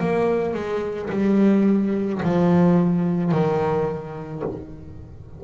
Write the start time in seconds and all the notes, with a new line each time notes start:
0.00 A#3
0.55 G#3
1.11 G3
2.23 F3
3.32 D#3